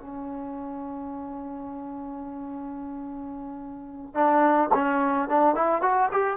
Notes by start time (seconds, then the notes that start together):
0.00 C#4
4.14 D4
4.74 C#4
5.29 D4
5.55 E4
5.82 F#4
6.12 G4